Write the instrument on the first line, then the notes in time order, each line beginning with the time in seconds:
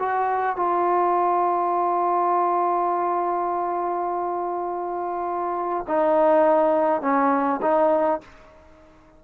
trombone
0.00 F#4
0.57 F4
5.88 D#4
7.02 C#4
7.62 D#4